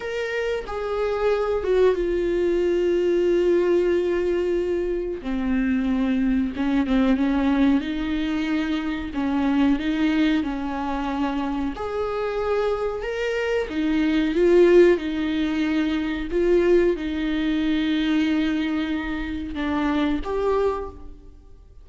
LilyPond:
\new Staff \with { instrumentName = "viola" } { \time 4/4 \tempo 4 = 92 ais'4 gis'4. fis'8 f'4~ | f'1 | c'2 cis'8 c'8 cis'4 | dis'2 cis'4 dis'4 |
cis'2 gis'2 | ais'4 dis'4 f'4 dis'4~ | dis'4 f'4 dis'2~ | dis'2 d'4 g'4 | }